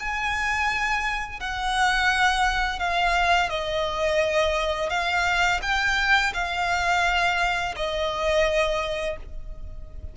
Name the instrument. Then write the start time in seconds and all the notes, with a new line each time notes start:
violin
0.00 G#5
1.41 F#5
2.80 F5
3.50 D#5
4.90 F5
5.63 G5
6.34 F5
7.76 D#5